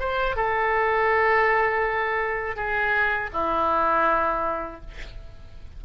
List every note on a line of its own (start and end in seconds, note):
0.00 0.36 C5
0.36 2.56 A4
2.56 3.30 G#4
3.33 4.81 E4